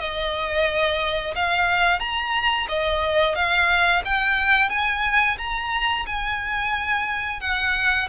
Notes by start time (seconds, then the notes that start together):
0.00 D#5
1.35 F5
2.00 A#5
2.69 D#5
3.35 F5
4.05 G5
4.70 G#5
5.38 A#5
6.06 G#5
7.41 F#5